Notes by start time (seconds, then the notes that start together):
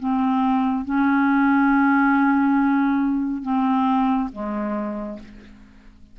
0.00 C4
0.85 C#4
3.43 C4
4.33 G#3